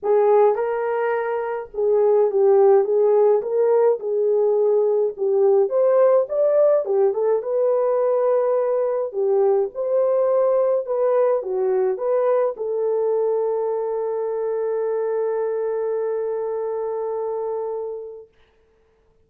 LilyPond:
\new Staff \with { instrumentName = "horn" } { \time 4/4 \tempo 4 = 105 gis'4 ais'2 gis'4 | g'4 gis'4 ais'4 gis'4~ | gis'4 g'4 c''4 d''4 | g'8 a'8 b'2. |
g'4 c''2 b'4 | fis'4 b'4 a'2~ | a'1~ | a'1 | }